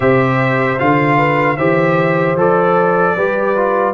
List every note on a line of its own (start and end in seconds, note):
0.00 0.79 C3
0.00 0.77 G4
0.00 1.17 C5
0.00 0.78 E5
0.78 1.57 D3
0.78 1.57 F4
0.78 1.56 F5
1.17 1.56 B4
1.56 2.35 E3
1.56 2.37 G4
1.56 3.15 C5
1.56 2.35 E5
2.35 3.14 F3
2.35 3.16 A4
2.35 3.93 D5
3.15 3.93 G3
3.15 3.56 G4
3.15 3.93 B4
3.56 3.93 F4